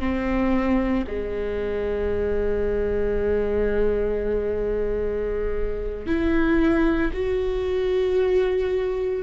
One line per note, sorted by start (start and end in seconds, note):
0.00 1.05 C4
1.08 6.07 G#3
6.07 7.12 E4
7.13 9.23 F#4